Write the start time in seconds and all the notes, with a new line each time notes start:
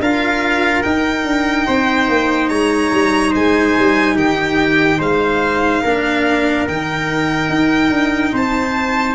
0.00 D4 F4 A#4 F5
0.83 D#4 G5
1.24 D4
1.67 C4 C5
2.09 A#3
2.49 G#3 C#5 A#5
2.93 G3
3.31 G#3 C5 G#5
3.79 G3
4.15 D#3 G4 G5
4.98 G#3 C5 F5
5.82 A#3 D4 A#4
6.68 D#3 D#4 G5
7.49 D#4
7.90 D4
8.33 C4 C5 A5